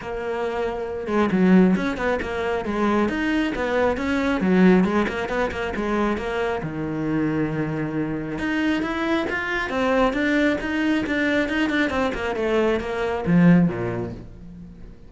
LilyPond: \new Staff \with { instrumentName = "cello" } { \time 4/4 \tempo 4 = 136 ais2~ ais8 gis8 fis4 | cis'8 b8 ais4 gis4 dis'4 | b4 cis'4 fis4 gis8 ais8 | b8 ais8 gis4 ais4 dis4~ |
dis2. dis'4 | e'4 f'4 c'4 d'4 | dis'4 d'4 dis'8 d'8 c'8 ais8 | a4 ais4 f4 ais,4 | }